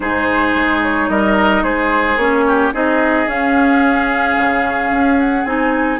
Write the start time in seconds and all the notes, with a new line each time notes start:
0.00 G#2 D#4 G#4 C5
0.55 G#3
0.82 C#5
1.09 G3 A#4 D#5
1.63 G#3 G#4 C5
2.16 A#3 C#4 C#5
2.47 G4
2.72 C4 D#4 G#4 D#5
3.26 C#4 F5
4.37 C#3
4.90 C#4
5.19 F#5
5.44 C4 D#4 G#5